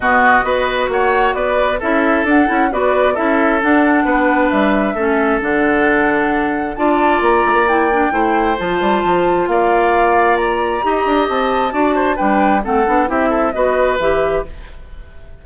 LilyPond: <<
  \new Staff \with { instrumentName = "flute" } { \time 4/4 \tempo 4 = 133 dis''2 fis''4 d''4 | e''4 fis''4 d''4 e''4 | fis''2 e''2 | fis''2. a''4 |
ais''4 g''2 a''4~ | a''4 f''2 ais''4~ | ais''4 a''2 g''4 | fis''4 e''4 dis''4 e''4 | }
  \new Staff \with { instrumentName = "oboe" } { \time 4/4 fis'4 b'4 cis''4 b'4 | a'2 b'4 a'4~ | a'4 b'2 a'4~ | a'2. d''4~ |
d''2 c''2~ | c''4 d''2. | dis''2 d''8 c''8 b'4 | a'4 g'8 a'8 b'2 | }
  \new Staff \with { instrumentName = "clarinet" } { \time 4/4 b4 fis'2. | e'4 d'8 e'8 fis'4 e'4 | d'2. cis'4 | d'2. f'4~ |
f'4 e'8 d'8 e'4 f'4~ | f'1 | g'2 fis'4 d'4 | c'8 d'8 e'4 fis'4 g'4 | }
  \new Staff \with { instrumentName = "bassoon" } { \time 4/4 b,4 b4 ais4 b4 | cis'4 d'8 cis'8 b4 cis'4 | d'4 b4 g4 a4 | d2. d'4 |
ais8 a16 ais4~ ais16 a4 f8 g8 | f4 ais2. | dis'8 d'8 c'4 d'4 g4 | a8 b8 c'4 b4 e4 | }
>>